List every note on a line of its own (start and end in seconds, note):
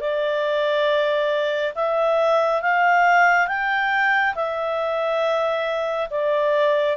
0.00 1.74 D5
1.75 2.62 E5
2.62 3.47 F5
3.47 4.34 G5
4.35 6.09 E5
6.10 6.97 D5